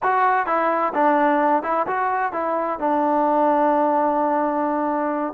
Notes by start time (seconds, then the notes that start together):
0.02 F#4
0.46 E4
0.94 D4
1.63 E4
1.86 F#4
2.32 E4
2.79 D4